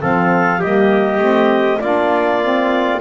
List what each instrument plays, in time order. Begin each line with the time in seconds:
0.00 double bass F3, saxophone C4, trumpet A4, clarinet F5
0.60 double bass G3, saxophone A#3, trumpet G4, clarinet D#5
1.19 double bass A3, saxophone C4
1.80 double bass A#3, saxophone D4, trumpet F4, clarinet D5
2.42 saxophone C4